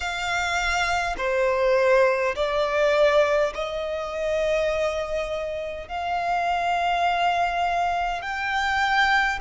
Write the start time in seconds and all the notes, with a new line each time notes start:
0.00 F5
1.17 C5
2.35 D5
3.54 D#5
5.88 F5
8.21 G5